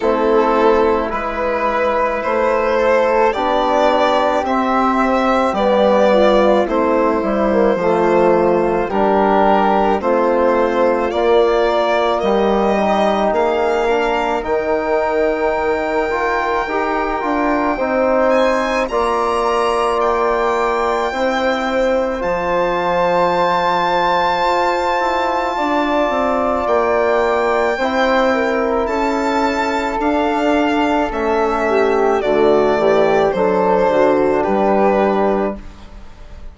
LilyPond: <<
  \new Staff \with { instrumentName = "violin" } { \time 4/4 \tempo 4 = 54 a'4 b'4 c''4 d''4 | e''4 d''4 c''2 | ais'4 c''4 d''4 dis''4 | f''4 g''2.~ |
g''8 gis''8 ais''4 g''2 | a''1 | g''2 a''4 f''4 | e''4 d''4 c''4 b'4 | }
  \new Staff \with { instrumentName = "flute" } { \time 4/4 e'4 b'4. a'8 g'4~ | g'4. f'8 e'4 f'4 | g'4 f'2 g'4 | gis'8 ais'2.~ ais'8 |
c''4 d''2 c''4~ | c''2. d''4~ | d''4 c''8 ais'8 a'2~ | a'8 g'8 fis'8 g'8 a'8 fis'8 g'4 | }
  \new Staff \with { instrumentName = "trombone" } { \time 4/4 c'4 e'2 d'4 | c'4 b4 c'8 e'16 ais16 a4 | d'4 c'4 ais4. dis'8~ | dis'8 d'8 dis'4. f'8 g'8 f'8 |
dis'4 f'2 e'4 | f'1~ | f'4 e'2 d'4 | cis'4 a4 d'2 | }
  \new Staff \with { instrumentName = "bassoon" } { \time 4/4 a4 gis4 a4 b4 | c'4 g4 a8 g8 f4 | g4 a4 ais4 g4 | ais4 dis2 dis'8 d'8 |
c'4 ais2 c'4 | f2 f'8 e'8 d'8 c'8 | ais4 c'4 cis'4 d'4 | a4 d8 e8 fis8 d8 g4 | }
>>